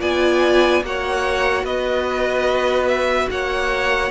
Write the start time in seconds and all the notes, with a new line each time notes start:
0.00 B3 F4 D5 G#5
0.82 A#3 F#4 C#5 F#5
1.63 B3 B4 D#5
2.87 E5
3.30 A#3 C#5 F#5